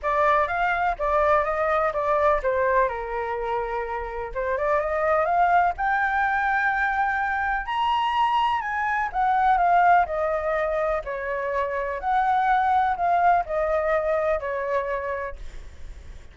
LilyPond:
\new Staff \with { instrumentName = "flute" } { \time 4/4 \tempo 4 = 125 d''4 f''4 d''4 dis''4 | d''4 c''4 ais'2~ | ais'4 c''8 d''8 dis''4 f''4 | g''1 |
ais''2 gis''4 fis''4 | f''4 dis''2 cis''4~ | cis''4 fis''2 f''4 | dis''2 cis''2 | }